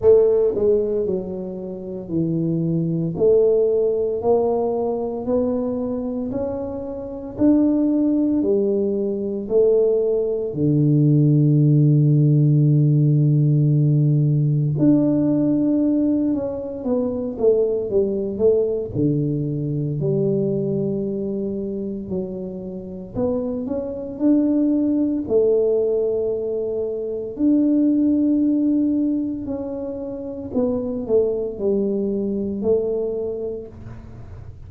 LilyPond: \new Staff \with { instrumentName = "tuba" } { \time 4/4 \tempo 4 = 57 a8 gis8 fis4 e4 a4 | ais4 b4 cis'4 d'4 | g4 a4 d2~ | d2 d'4. cis'8 |
b8 a8 g8 a8 d4 g4~ | g4 fis4 b8 cis'8 d'4 | a2 d'2 | cis'4 b8 a8 g4 a4 | }